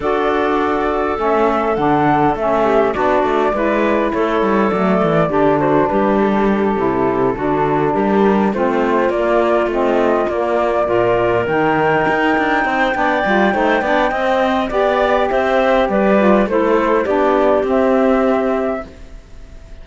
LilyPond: <<
  \new Staff \with { instrumentName = "flute" } { \time 4/4 \tempo 4 = 102 d''2 e''4 fis''4 | e''4 d''2 cis''4 | d''4. c''8 b'8 a'4.~ | a'4. ais'4 c''4 d''8~ |
d''8 dis''4 d''2 g''8~ | g''1~ | g''4 d''4 e''4 d''4 | c''4 d''4 e''2 | }
  \new Staff \with { instrumentName = "clarinet" } { \time 4/4 a'1~ | a'8 g'8 fis'4 b'4 a'4~ | a'4 g'8 fis'8 g'2~ | g'8 fis'4 g'4 f'4.~ |
f'2~ f'8 ais'4.~ | ais'4. c''8 d''4 c''8 d''8 | dis''4 d''4 c''4 b'4 | a'4 g'2. | }
  \new Staff \with { instrumentName = "saxophone" } { \time 4/4 fis'2 cis'4 d'4 | cis'4 d'4 e'2 | a4 d'2~ d'8 e'8~ | e'8 d'2 c'4 ais8~ |
ais8 c'4 ais4 f'4 dis'8~ | dis'2 d'8 f'8 dis'8 d'8 | c'4 g'2~ g'8 f'8 | e'4 d'4 c'2 | }
  \new Staff \with { instrumentName = "cello" } { \time 4/4 d'2 a4 d4 | a4 b8 a8 gis4 a8 g8 | fis8 e8 d4 g4. c8~ | c8 d4 g4 a4 ais8~ |
ais8 a4 ais4 ais,4 dis8~ | dis8 dis'8 d'8 c'8 b8 g8 a8 b8 | c'4 b4 c'4 g4 | a4 b4 c'2 | }
>>